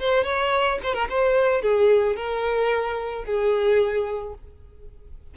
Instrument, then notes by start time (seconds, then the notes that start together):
violin
0.00 C5
0.24 C#5
0.84 C5
0.94 A#4
1.10 C5
1.62 G#4
2.16 A#4
3.25 G#4